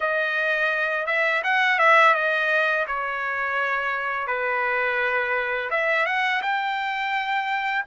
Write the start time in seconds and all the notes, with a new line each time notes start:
0.00 D#5
1.06 E5
1.43 F#5
1.79 E5
2.14 D#5
2.87 C#5
4.27 B4
5.70 E5
6.06 F#5
6.42 G5